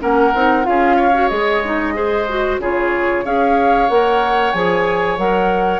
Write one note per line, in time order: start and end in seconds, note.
0.00 0.34 A#3
0.00 0.32 C#4
0.00 0.66 A#4
0.00 0.65 F#5
0.34 0.66 C4
0.34 0.63 D#4
0.63 1.31 C#4
0.63 1.11 F4
0.63 1.28 F5
0.69 0.96 G#4
0.96 1.93 C#5
1.13 1.30 F#4
1.28 2.59 G#3
1.28 1.62 G#4
1.28 2.57 D#5
1.64 1.94 D#4
1.94 2.26 G#4
1.94 2.60 C5
2.29 2.61 F#4
2.59 3.23 C#3
2.59 3.25 F4
2.59 3.25 G#4
2.59 3.26 C#5
3.24 3.89 C#4
3.24 3.89 G#4
3.24 5.80 C#5
3.24 3.89 F5
3.89 4.53 A#3
3.89 4.54 A#4
3.89 4.52 F#5
4.52 5.18 F3
4.52 5.18 G#4
4.52 5.17 G#5
5.18 5.80 F#3
5.18 5.80 A#4
5.18 5.80 F#5